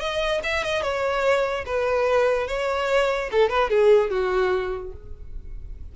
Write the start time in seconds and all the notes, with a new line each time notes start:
0.00 D#5
0.44 E5
0.64 D#5
0.82 C#5
1.66 B4
2.48 C#5
3.32 A4
3.50 B4
3.70 G#4
4.10 F#4